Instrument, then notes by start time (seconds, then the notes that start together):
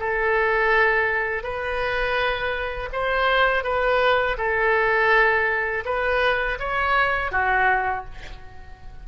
oboe
0.00 A4
1.43 B4
2.93 C5
3.64 B4
4.38 A4
5.85 B4
6.60 C#5
7.32 F#4